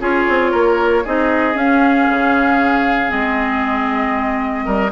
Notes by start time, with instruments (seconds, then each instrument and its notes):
0.00 bassoon C#4, clarinet F4, oboe G#4, flute C#5
0.28 bassoon C4
0.51 bassoon A#3, oboe A#4
1.04 bassoon C4, clarinet D#4, oboe G#4, flute D#5
1.54 clarinet C#4, bassoon C#4, flute F5
2.08 bassoon C#3
3.07 bassoon G#3, clarinet C4, flute D#5
4.65 bassoon G3, oboe A#4